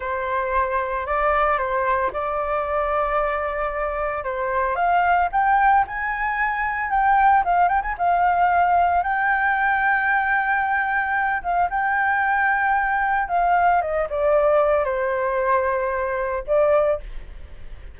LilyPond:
\new Staff \with { instrumentName = "flute" } { \time 4/4 \tempo 4 = 113 c''2 d''4 c''4 | d''1 | c''4 f''4 g''4 gis''4~ | gis''4 g''4 f''8 g''16 gis''16 f''4~ |
f''4 g''2.~ | g''4. f''8 g''2~ | g''4 f''4 dis''8 d''4. | c''2. d''4 | }